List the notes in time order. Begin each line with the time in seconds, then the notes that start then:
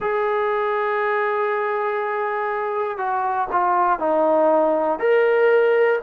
0.00 G#4
2.97 F#4
3.52 F4
3.99 D#4
4.99 A#4